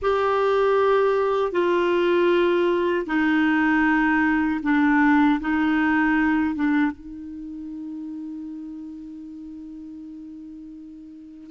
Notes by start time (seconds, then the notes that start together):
0.01 G4
1.52 F4
3.06 D#4
4.63 D4
5.40 D#4
6.55 D4
6.91 D#4